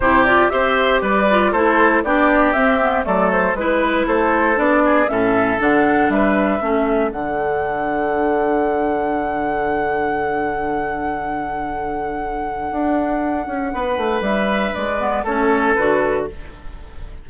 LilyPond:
<<
  \new Staff \with { instrumentName = "flute" } { \time 4/4 \tempo 4 = 118 c''8 d''8 e''4 d''4 c''4 | d''4 e''4 d''8 c''8 b'4 | c''4 d''4 e''4 fis''4 | e''2 fis''2~ |
fis''1~ | fis''1~ | fis''1 | e''4 d''4 cis''4 b'4 | }
  \new Staff \with { instrumentName = "oboe" } { \time 4/4 g'4 c''4 b'4 a'4 | g'2 a'4 b'4 | a'4. gis'8 a'2 | b'4 a'2.~ |
a'1~ | a'1~ | a'2. b'4~ | b'2 a'2 | }
  \new Staff \with { instrumentName = "clarinet" } { \time 4/4 e'8 f'8 g'4. f'8 e'4 | d'4 c'8 b8 a4 e'4~ | e'4 d'4 cis'4 d'4~ | d'4 cis'4 d'2~ |
d'1~ | d'1~ | d'1~ | d'4. b8 cis'4 fis'4 | }
  \new Staff \with { instrumentName = "bassoon" } { \time 4/4 c4 c'4 g4 a4 | b4 c'4 fis4 gis4 | a4 b4 a,4 d4 | g4 a4 d2~ |
d1~ | d1~ | d4 d'4. cis'8 b8 a8 | g4 gis4 a4 d4 | }
>>